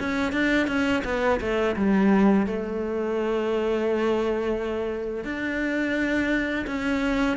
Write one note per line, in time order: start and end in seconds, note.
0.00 0.33 C#4
0.33 0.68 D4
0.68 1.03 C#4
1.05 1.40 B3
1.41 1.76 A3
1.76 2.47 G3
2.47 5.25 A3
5.25 6.66 D4
6.67 7.37 C#4